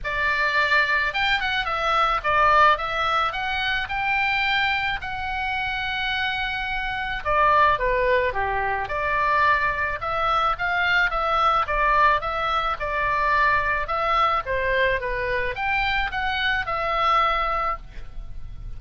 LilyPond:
\new Staff \with { instrumentName = "oboe" } { \time 4/4 \tempo 4 = 108 d''2 g''8 fis''8 e''4 | d''4 e''4 fis''4 g''4~ | g''4 fis''2.~ | fis''4 d''4 b'4 g'4 |
d''2 e''4 f''4 | e''4 d''4 e''4 d''4~ | d''4 e''4 c''4 b'4 | g''4 fis''4 e''2 | }